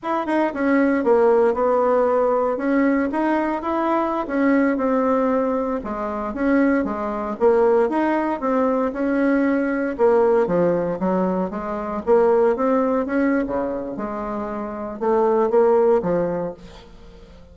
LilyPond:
\new Staff \with { instrumentName = "bassoon" } { \time 4/4 \tempo 4 = 116 e'8 dis'8 cis'4 ais4 b4~ | b4 cis'4 dis'4 e'4~ | e'16 cis'4 c'2 gis8.~ | gis16 cis'4 gis4 ais4 dis'8.~ |
dis'16 c'4 cis'2 ais8.~ | ais16 f4 fis4 gis4 ais8.~ | ais16 c'4 cis'8. cis4 gis4~ | gis4 a4 ais4 f4 | }